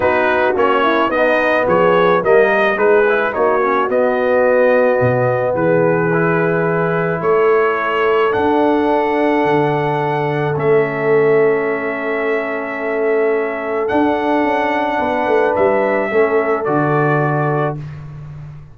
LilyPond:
<<
  \new Staff \with { instrumentName = "trumpet" } { \time 4/4 \tempo 4 = 108 b'4 cis''4 dis''4 cis''4 | dis''4 b'4 cis''4 dis''4~ | dis''2 b'2~ | b'4 cis''2 fis''4~ |
fis''2. e''4~ | e''1~ | e''4 fis''2. | e''2 d''2 | }
  \new Staff \with { instrumentName = "horn" } { \time 4/4 fis'4. e'8 dis'4 gis'4 | ais'4 gis'4 fis'2~ | fis'2 gis'2~ | gis'4 a'2.~ |
a'1~ | a'1~ | a'2. b'4~ | b'4 a'2. | }
  \new Staff \with { instrumentName = "trombone" } { \time 4/4 dis'4 cis'4 b2 | ais4 dis'8 e'8 dis'8 cis'8 b4~ | b2. e'4~ | e'2. d'4~ |
d'2. cis'4~ | cis'1~ | cis'4 d'2.~ | d'4 cis'4 fis'2 | }
  \new Staff \with { instrumentName = "tuba" } { \time 4/4 b4 ais4 b4 f4 | g4 gis4 ais4 b4~ | b4 b,4 e2~ | e4 a2 d'4~ |
d'4 d2 a4~ | a1~ | a4 d'4 cis'4 b8 a8 | g4 a4 d2 | }
>>